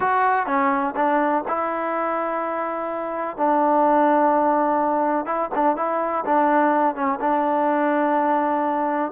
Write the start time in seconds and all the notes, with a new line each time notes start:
0.00 F#4
0.46 C#4
0.96 D4
1.47 E4
3.37 D4
5.25 E4
5.54 D4
5.76 E4
6.25 D4
6.95 C#4
7.20 D4